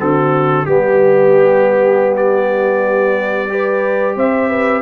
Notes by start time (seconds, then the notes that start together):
0.00 D3 C4 F#4 A4
0.66 G3 B3 G4
2.17 D5
3.50 G4 B4
4.17 C4 C5 E5
4.49 B4